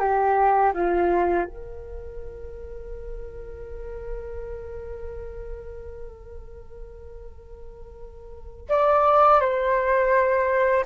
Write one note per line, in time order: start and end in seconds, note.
0.00 0.72 G4
0.74 1.45 F4
1.45 8.68 A#4
8.69 9.41 D5
9.41 10.85 C5